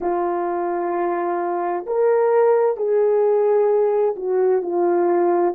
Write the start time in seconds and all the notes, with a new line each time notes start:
0.00 F4
1.86 A#4
2.77 G#4
4.15 F#4
4.62 F4